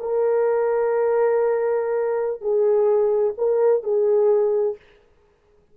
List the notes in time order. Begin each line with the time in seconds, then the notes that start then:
0.00 A#4
2.41 G#4
3.38 A#4
3.84 G#4